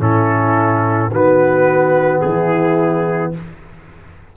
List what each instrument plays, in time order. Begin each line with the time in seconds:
0.00 tuba A2, trombone C#4, horn E4, trumpet A4
1.11 tuba D#3, trombone B3, horn F#4, trumpet B4
2.22 tuba E3, horn E4, trumpet G#4